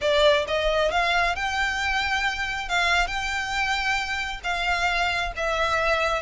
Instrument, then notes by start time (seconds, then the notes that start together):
violin
0.01 D5
0.47 D#5
0.91 F5
1.35 G5
2.68 F5
3.07 G5
4.43 F5
5.36 E5